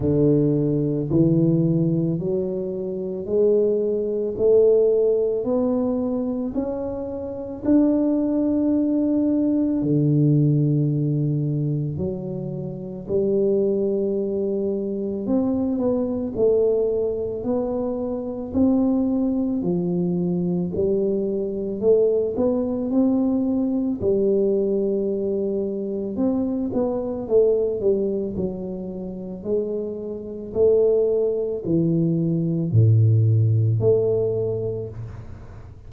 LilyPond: \new Staff \with { instrumentName = "tuba" } { \time 4/4 \tempo 4 = 55 d4 e4 fis4 gis4 | a4 b4 cis'4 d'4~ | d'4 d2 fis4 | g2 c'8 b8 a4 |
b4 c'4 f4 g4 | a8 b8 c'4 g2 | c'8 b8 a8 g8 fis4 gis4 | a4 e4 a,4 a4 | }